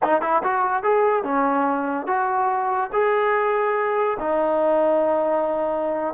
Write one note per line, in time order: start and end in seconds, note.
0.02 0.21 D#4
0.21 0.42 E4
0.43 0.83 F#4
0.83 1.23 G#4
1.23 2.06 C#4
2.07 2.90 F#4
2.92 4.17 G#4
4.19 6.14 D#4